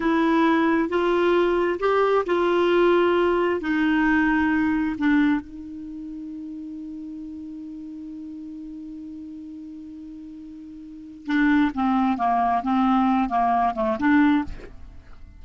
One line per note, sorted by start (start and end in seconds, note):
0.00 0.89 E4
0.89 1.79 F4
1.79 2.24 G4
2.26 3.60 F4
3.60 4.96 D#4
4.98 5.40 D4
5.40 11.26 D#4
11.26 11.71 D4
11.74 12.17 C4
12.17 12.62 A#3
12.63 13.29 C4
13.29 13.74 A#3
13.74 13.97 A3
13.99 14.44 D4